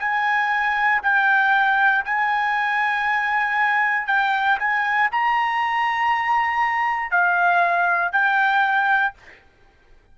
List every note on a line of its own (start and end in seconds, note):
0.00 1.02 G#5
1.03 2.05 G5
2.05 4.08 G#5
4.08 4.59 G5
4.59 5.10 G#5
5.12 7.12 A#5
7.12 8.13 F5
8.13 9.14 G5